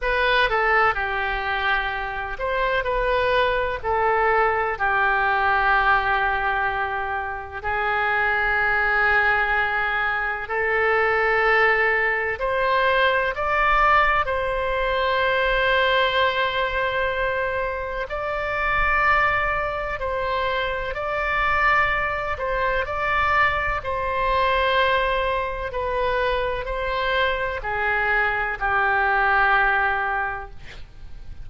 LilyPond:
\new Staff \with { instrumentName = "oboe" } { \time 4/4 \tempo 4 = 63 b'8 a'8 g'4. c''8 b'4 | a'4 g'2. | gis'2. a'4~ | a'4 c''4 d''4 c''4~ |
c''2. d''4~ | d''4 c''4 d''4. c''8 | d''4 c''2 b'4 | c''4 gis'4 g'2 | }